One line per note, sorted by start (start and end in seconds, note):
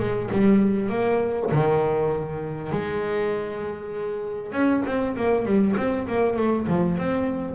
0.00 0.30 G#3
0.32 0.90 G3
0.90 1.50 A#3
1.52 2.72 D#3
2.72 4.53 G#3
4.53 4.83 C#4
4.86 5.16 C4
5.17 5.46 A#3
5.46 5.76 G3
5.77 6.07 C4
6.08 6.37 A#3
6.37 6.67 A3
6.68 6.98 F3
6.98 7.56 C4